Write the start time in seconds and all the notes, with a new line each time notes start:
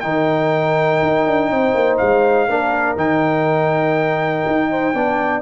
0.00 D#3 D#4 A#4 G5
1.03 D#4
1.28 D4
1.51 C4 C5
1.74 A#3
1.98 G#3 F5
2.48 A#3 D4 A#4
2.97 D#3 D#4 G5
4.47 D#4
4.70 C5
4.94 B3 D4 D5